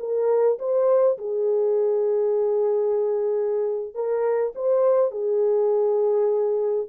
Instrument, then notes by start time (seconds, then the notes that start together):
horn
0.00 A#4
0.59 C5
1.19 G#4
3.95 A#4
4.56 C5
5.11 G#4